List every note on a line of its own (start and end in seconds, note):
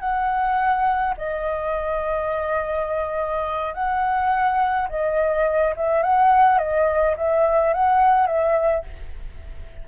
0.00 1.14 F#5
1.17 3.74 D#5
3.74 4.88 F#5
4.89 5.75 D#5
5.76 6.03 E5
6.03 6.58 F#5
6.58 7.16 D#5
7.17 7.74 E5
7.74 8.27 F#5
8.27 8.84 E5